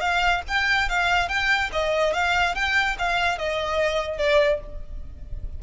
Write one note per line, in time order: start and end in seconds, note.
0.00 0.42 F5
0.48 0.89 G5
0.89 1.28 F5
1.28 1.70 G5
1.72 2.13 D#5
2.13 2.55 F5
2.55 2.96 G5
2.98 3.38 F5
3.38 4.18 D#5
4.18 4.60 D5